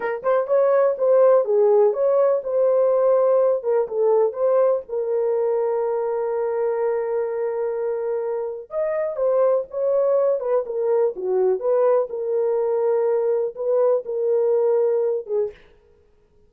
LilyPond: \new Staff \with { instrumentName = "horn" } { \time 4/4 \tempo 4 = 124 ais'8 c''8 cis''4 c''4 gis'4 | cis''4 c''2~ c''8 ais'8 | a'4 c''4 ais'2~ | ais'1~ |
ais'2 dis''4 c''4 | cis''4. b'8 ais'4 fis'4 | b'4 ais'2. | b'4 ais'2~ ais'8 gis'8 | }